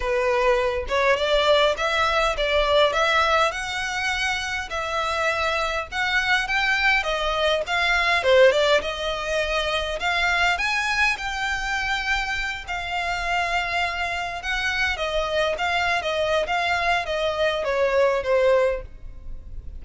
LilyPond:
\new Staff \with { instrumentName = "violin" } { \time 4/4 \tempo 4 = 102 b'4. cis''8 d''4 e''4 | d''4 e''4 fis''2 | e''2 fis''4 g''4 | dis''4 f''4 c''8 d''8 dis''4~ |
dis''4 f''4 gis''4 g''4~ | g''4. f''2~ f''8~ | f''8 fis''4 dis''4 f''8. dis''8. | f''4 dis''4 cis''4 c''4 | }